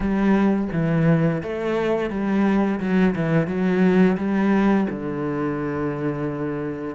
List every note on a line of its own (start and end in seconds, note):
0.00 0.68 G3
0.72 1.42 E3
1.43 2.09 A3
2.09 2.79 G3
2.80 3.15 F#3
3.15 3.47 E3
3.47 4.17 F#3
4.17 4.87 G3
4.89 6.95 D3